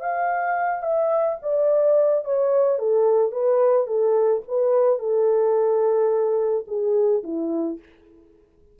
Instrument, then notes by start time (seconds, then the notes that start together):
horn
0.00 F5
0.83 E5
1.42 D5
2.25 C#5
2.79 A4
3.32 B4
3.87 A4
4.48 B4
4.99 A4
6.67 G#4
7.23 E4